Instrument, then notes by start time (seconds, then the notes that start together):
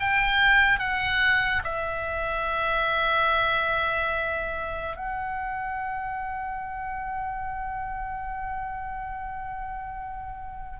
oboe
0.00 G5
0.79 F#5
1.64 E5
4.96 F#5